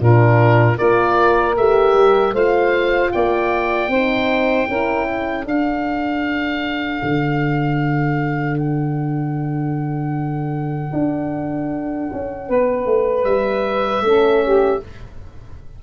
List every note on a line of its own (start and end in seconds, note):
0.00 0.78 A#2
0.00 0.76 D4
0.00 0.78 F4
0.00 0.77 A#4
0.76 1.56 A#3
0.76 1.54 F4
0.76 2.33 A#4
0.76 1.55 D5
1.56 1.94 A3
1.56 2.35 G4
1.56 2.34 E5
1.94 2.32 G3
2.32 3.10 A3
2.32 3.91 F4
2.32 3.11 C5
2.32 3.11 F5
3.11 3.88 A#3
3.11 3.90 D5
3.11 5.45 G5
3.88 4.66 C4
3.88 4.70 D#4
3.88 4.68 C5
4.68 5.45 C#4
4.68 5.46 E4
4.68 5.06 A#4
5.06 12.47 A4
5.45 7.01 D4
5.45 14.03 D4
5.45 8.58 F5
7.02 10.92 D3
8.58 13.24 F#5
10.93 12.09 D4
12.12 12.49 C#4
12.47 12.85 B3
12.47 14.03 B4
12.85 13.24 A3
13.24 14.01 G3
13.24 14.80 E5
14.01 14.79 A3
14.01 14.82 C#4
14.01 14.44 A4
14.44 14.82 G4